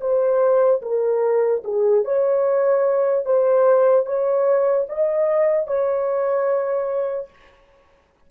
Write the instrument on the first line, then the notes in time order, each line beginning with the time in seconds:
horn
0.00 C5
0.81 A#4
1.64 G#4
2.04 C#5
3.25 C5
4.05 C#5
4.89 D#5
5.67 C#5